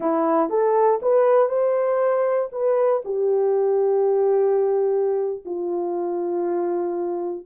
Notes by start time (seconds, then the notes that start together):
0.00 E4
0.49 A4
1.02 B4
1.49 C5
2.52 B4
3.04 G4
5.45 F4